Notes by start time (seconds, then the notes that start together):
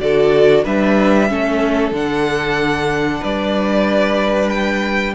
0.00 D3 F#4 A4 D5
0.65 G3 D4 B4 E5
1.28 A3 C#4 A4
1.92 D3 D4 F#5
3.20 G3 B4 D5
4.50 G5